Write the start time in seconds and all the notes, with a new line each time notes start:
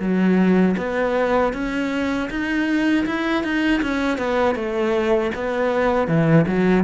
0.00 F#3
0.78 B3
1.54 C#4
2.30 D#4
3.07 E4
3.44 D#4
3.83 C#4
4.18 B3
4.56 A3
5.35 B3
6.08 E3
6.48 F#3